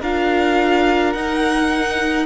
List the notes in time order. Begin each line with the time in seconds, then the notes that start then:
0.00 D4 F4 A#4 F5
1.12 D#4 F#5